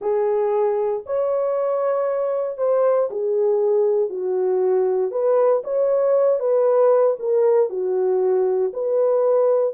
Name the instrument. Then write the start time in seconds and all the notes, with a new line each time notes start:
horn
0.01 G#4
1.06 C#5
2.57 C5
3.10 G#4
4.09 F#4
5.11 B4
5.63 C#5
6.39 B4
7.19 A#4
7.69 F#4
8.73 B4